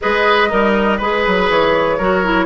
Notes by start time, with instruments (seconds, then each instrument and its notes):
0.01 bassoon G#3, clarinet G#4, oboe B4, flute D#5
0.48 bassoon G3, oboe D#4, clarinet A#4
0.97 bassoon G#3, clarinet G#4, oboe B4, flute B4
1.26 bassoon F#3
1.49 bassoon E3, flute C#5
1.97 bassoon F#3, clarinet F#4, oboe A#4
2.24 clarinet E4